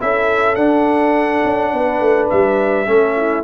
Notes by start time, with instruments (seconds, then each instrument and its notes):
0.00 tuba C#4, trombone E4, horn A4, trumpet E5
0.55 tuba D4, trombone D4, trumpet F#5
1.44 tuba C#4
1.73 tuba B3, horn B4
2.01 tuba A3
2.30 tuba G3, trumpet E5
2.87 tuba A3, trombone C#4, horn A4
3.17 horn E4